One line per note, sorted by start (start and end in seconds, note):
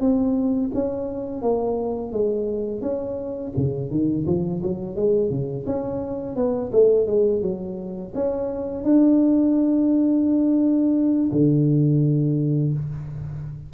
0.00 0.71 C4
0.74 1.41 C#4
1.41 2.12 A#3
2.12 2.81 G#3
2.81 3.52 C#4
3.56 3.90 C#3
3.90 4.26 D#3
4.26 4.62 F3
4.63 4.96 F#3
4.96 5.30 G#3
5.30 5.66 C#3
5.66 6.36 C#4
6.36 6.71 B3
6.72 7.07 A3
7.07 7.42 G#3
7.42 8.12 F#3
8.14 8.84 C#4
8.84 11.31 D4
11.32 12.73 D3